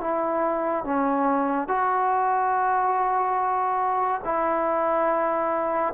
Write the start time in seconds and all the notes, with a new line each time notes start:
0.00 E4
0.84 C#4
1.67 F#4
4.24 E4